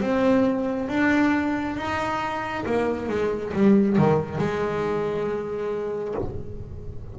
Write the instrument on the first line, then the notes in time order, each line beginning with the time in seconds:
double bass
0.00 C4
0.88 D4
1.76 D#4
2.66 A#3
3.08 G#3
3.53 G3
3.97 D#3
4.38 G#3